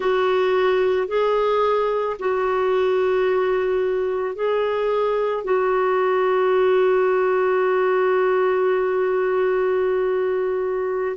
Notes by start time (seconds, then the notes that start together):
0.00 F#4
1.07 G#4
2.19 F#4
4.35 G#4
5.43 F#4